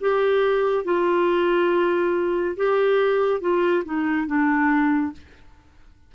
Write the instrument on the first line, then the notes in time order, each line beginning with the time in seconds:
clarinet
0.00 G4
0.85 F4
2.56 G4
3.41 F4
3.85 D#4
4.27 D4